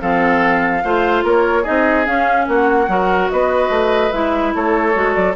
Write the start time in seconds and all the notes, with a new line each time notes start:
0.00 F3 C4 A4 F5
0.84 A3 F4 C5
1.23 A#3 A#4 C#5
1.63 D#4 G#4 D#5
1.69 C4
2.05 C#4 F5
2.48 A#3 F#4 F#5
2.88 F#3 F#4 A#4
3.30 B3 B4 D#5
3.70 A3
4.12 G#3 E4 E5
4.55 A3 A4 C#5
4.93 G#3 F#4
5.14 F#3 D5